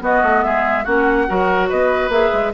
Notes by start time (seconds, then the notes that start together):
0.00 B3 F#4 D#5
0.23 A3
0.44 G#3 G#4 E5
0.84 A#3 C#4 F#4 F#5
1.28 F#3 F#4 A#4
1.69 B3 B4 D#5
2.09 A#3 G#4 E5
2.33 G#3